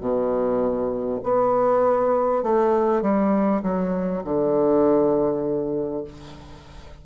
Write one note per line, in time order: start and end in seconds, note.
0.00 1.20 B2
1.23 2.43 B3
2.43 3.02 A3
3.02 3.62 G3
3.62 4.22 F#3
4.24 6.04 D3